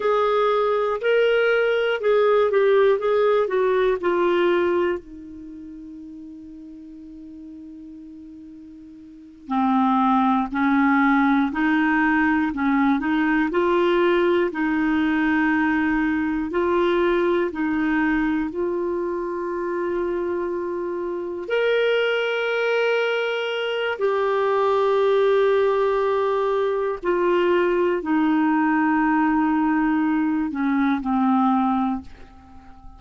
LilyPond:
\new Staff \with { instrumentName = "clarinet" } { \time 4/4 \tempo 4 = 60 gis'4 ais'4 gis'8 g'8 gis'8 fis'8 | f'4 dis'2.~ | dis'4. c'4 cis'4 dis'8~ | dis'8 cis'8 dis'8 f'4 dis'4.~ |
dis'8 f'4 dis'4 f'4.~ | f'4. ais'2~ ais'8 | g'2. f'4 | dis'2~ dis'8 cis'8 c'4 | }